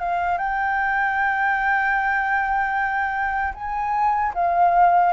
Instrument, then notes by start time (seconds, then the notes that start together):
flute
0.00 F5
0.38 G5
3.55 G#5
4.35 F5